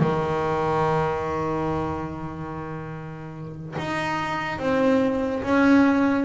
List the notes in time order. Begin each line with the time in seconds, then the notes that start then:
0.00 D#3
3.78 D#4
4.59 C4
5.43 C#4